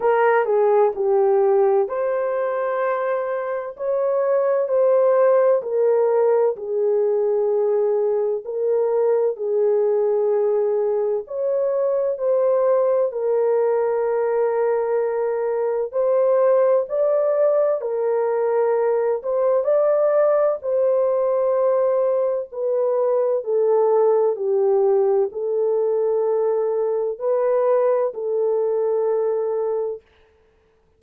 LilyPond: \new Staff \with { instrumentName = "horn" } { \time 4/4 \tempo 4 = 64 ais'8 gis'8 g'4 c''2 | cis''4 c''4 ais'4 gis'4~ | gis'4 ais'4 gis'2 | cis''4 c''4 ais'2~ |
ais'4 c''4 d''4 ais'4~ | ais'8 c''8 d''4 c''2 | b'4 a'4 g'4 a'4~ | a'4 b'4 a'2 | }